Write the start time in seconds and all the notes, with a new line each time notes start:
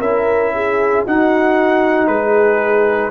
0.00 C#4 E4 A#4 E5
0.54 G#4
1.05 D#4 F#4 F#5
2.07 G#3 G#4 B4